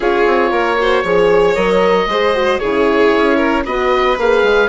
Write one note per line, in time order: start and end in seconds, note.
0.00 0.25 C#4
0.00 0.79 F4
0.00 0.50 G#4
0.00 1.54 C#5
0.26 0.51 C4
0.51 1.03 A#3
0.51 0.77 A#4
0.79 1.05 F#4
0.79 1.03 C5
1.03 1.55 F3
1.03 1.56 G#4
1.03 2.07 C#5
1.54 2.06 F#3
1.54 2.08 A#4
1.54 2.58 D#5
2.06 2.58 G#3
2.06 2.35 G#4
2.06 2.60 C5
2.35 2.61 F#4
2.58 3.15 C#3
2.58 3.65 E4
2.58 3.37 G#4
2.58 3.63 C#5
3.15 3.66 C#4
3.37 3.63 A#4
3.65 4.17 B3
3.65 4.17 F#4
3.65 4.68 B4
3.65 4.17 D#5
4.17 4.42 A#3
4.17 4.68 G#4
4.17 4.68 F5
4.42 4.68 G#3